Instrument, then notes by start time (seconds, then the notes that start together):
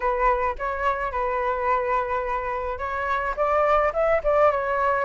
flute
0.00 B4
0.58 C#5
1.11 B4
2.78 C#5
3.36 D5
3.93 E5
4.23 D5
4.51 C#5